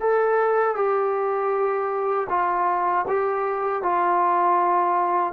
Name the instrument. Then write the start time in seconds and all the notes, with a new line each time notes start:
trombone
0.00 A4
0.76 G4
2.30 F4
3.08 G4
3.83 F4